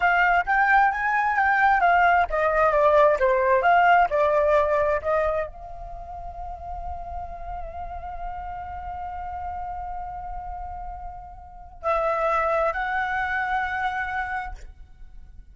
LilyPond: \new Staff \with { instrumentName = "flute" } { \time 4/4 \tempo 4 = 132 f''4 g''4 gis''4 g''4 | f''4 dis''4 d''4 c''4 | f''4 d''2 dis''4 | f''1~ |
f''1~ | f''1~ | f''2 e''2 | fis''1 | }